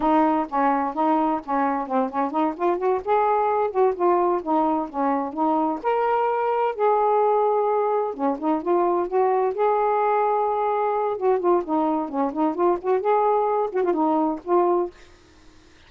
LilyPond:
\new Staff \with { instrumentName = "saxophone" } { \time 4/4 \tempo 4 = 129 dis'4 cis'4 dis'4 cis'4 | c'8 cis'8 dis'8 f'8 fis'8 gis'4. | fis'8 f'4 dis'4 cis'4 dis'8~ | dis'8 ais'2 gis'4.~ |
gis'4. cis'8 dis'8 f'4 fis'8~ | fis'8 gis'2.~ gis'8 | fis'8 f'8 dis'4 cis'8 dis'8 f'8 fis'8 | gis'4. fis'16 f'16 dis'4 f'4 | }